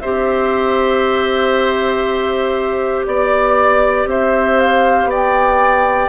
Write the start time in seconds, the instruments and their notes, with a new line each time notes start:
0.00 bassoon C4, clarinet G4, oboe C5, flute E5
3.06 bassoon B3, flute D5, oboe D5
4.05 bassoon C4, oboe C5, flute E5
4.59 flute F5
5.05 bassoon B3, oboe D5, flute G5